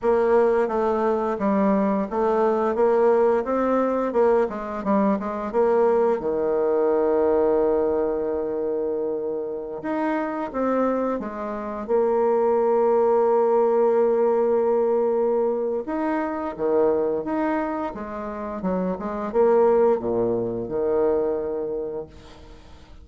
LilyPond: \new Staff \with { instrumentName = "bassoon" } { \time 4/4 \tempo 4 = 87 ais4 a4 g4 a4 | ais4 c'4 ais8 gis8 g8 gis8 | ais4 dis2.~ | dis2~ dis16 dis'4 c'8.~ |
c'16 gis4 ais2~ ais8.~ | ais2. dis'4 | dis4 dis'4 gis4 fis8 gis8 | ais4 ais,4 dis2 | }